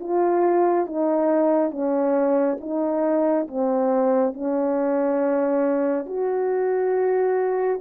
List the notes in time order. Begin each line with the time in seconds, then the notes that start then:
0.00 F4
0.86 D#4
1.71 C#4
2.60 D#4
3.47 C4
4.34 C#4
6.06 F#4